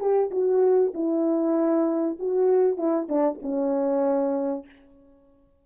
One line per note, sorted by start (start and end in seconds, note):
0.00 0.31 G4
0.31 0.93 F#4
0.94 2.18 E4
2.20 2.78 F#4
2.78 3.08 E4
3.09 3.40 D4
3.42 4.66 C#4